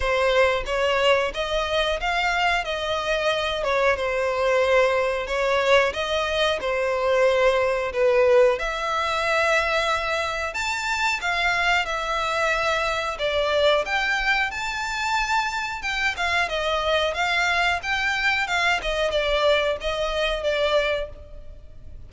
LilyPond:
\new Staff \with { instrumentName = "violin" } { \time 4/4 \tempo 4 = 91 c''4 cis''4 dis''4 f''4 | dis''4. cis''8 c''2 | cis''4 dis''4 c''2 | b'4 e''2. |
a''4 f''4 e''2 | d''4 g''4 a''2 | g''8 f''8 dis''4 f''4 g''4 | f''8 dis''8 d''4 dis''4 d''4 | }